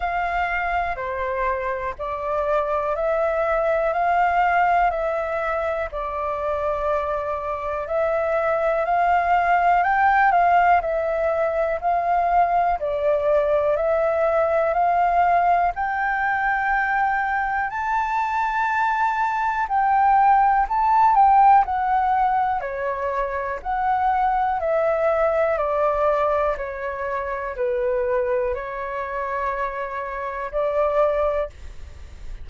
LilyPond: \new Staff \with { instrumentName = "flute" } { \time 4/4 \tempo 4 = 61 f''4 c''4 d''4 e''4 | f''4 e''4 d''2 | e''4 f''4 g''8 f''8 e''4 | f''4 d''4 e''4 f''4 |
g''2 a''2 | g''4 a''8 g''8 fis''4 cis''4 | fis''4 e''4 d''4 cis''4 | b'4 cis''2 d''4 | }